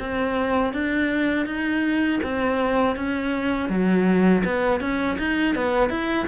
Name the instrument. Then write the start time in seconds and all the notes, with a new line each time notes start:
cello
0.00 C4
0.73 D4
1.46 D#4
2.24 C4
2.96 C#4
3.70 F#3
4.45 B3
4.81 C#4
5.19 D#4
5.56 B3
5.90 E4